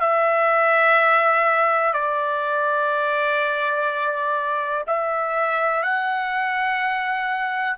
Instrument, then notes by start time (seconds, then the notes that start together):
trumpet
0.00 E5
1.94 D5
4.87 E5
5.83 F#5